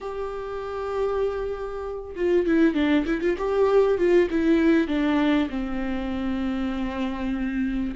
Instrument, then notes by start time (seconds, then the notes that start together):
viola
0.00 G4
2.15 F4
2.46 E4
2.74 D4
3.06 E4
3.21 F4
3.38 G4
3.97 F4
4.30 E4
4.87 D4
5.49 C4